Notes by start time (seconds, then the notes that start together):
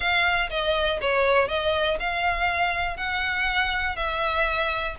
0.00 F5
0.50 D#5
1.01 C#5
1.48 D#5
1.99 F5
2.96 F#5
3.96 E5